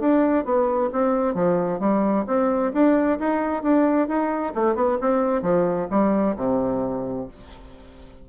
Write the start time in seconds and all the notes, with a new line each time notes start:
0.00 D4
0.45 B3
0.93 C4
1.35 F3
1.80 G3
2.27 C4
2.74 D4
3.20 D#4
3.63 D4
4.08 D#4
4.56 A3
4.76 B3
5.01 C4
5.43 F3
5.91 G3
6.37 C3